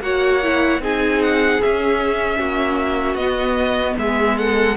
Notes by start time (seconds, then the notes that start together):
0.00 A#3 F#4 C#5 F#5
0.42 E4
0.79 C4 D#4 G#4 G#5
1.22 F#5
1.62 C#4 E5
2.38 A#3 F#4
3.14 B3 D#5
3.98 G#3 G#4 E5
4.38 A4 F#5